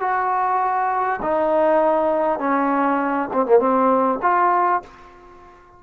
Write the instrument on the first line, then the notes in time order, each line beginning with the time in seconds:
trombone
0.00 F#4
1.22 D#4
2.39 C#4
3.32 C4
3.46 A#3
3.59 C4
4.22 F4